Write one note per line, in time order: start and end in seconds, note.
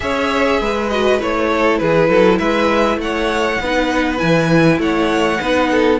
0.00 0.60 C#4
0.00 0.88 G#4
0.00 0.60 C#5
0.00 0.89 E5
0.60 1.20 G#3
0.60 1.50 B4
0.89 1.19 F#4
0.89 1.19 D#5
1.19 1.80 A3
1.19 3.59 E4
1.19 1.78 C#5
1.50 1.80 A4
1.78 2.09 E3
1.78 2.09 G#4
1.78 2.38 B4
2.09 2.39 F#3
2.09 2.38 A4
2.38 2.97 G#3
2.38 2.98 B4
2.38 2.98 E5
2.97 3.57 A3
2.97 3.61 C#5
2.97 4.18 F#5
3.60 4.20 B3
3.60 4.17 D#4
3.60 4.81 B4
4.17 4.78 E3
4.17 5.37 E4
4.17 4.78 G#5
4.78 5.38 A3
4.78 5.39 C#5
4.78 6.00 F#5
5.39 6.00 B3
5.39 6.00 D#4
5.39 5.69 B4
5.71 6.00 A4